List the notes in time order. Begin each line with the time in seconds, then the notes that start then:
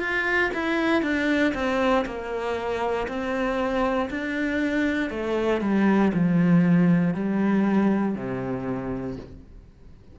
0.00 F4
0.54 E4
1.03 D4
1.54 C4
2.06 A#3
3.08 C4
4.10 D4
5.10 A3
5.61 G3
6.14 F3
7.15 G3
8.15 C3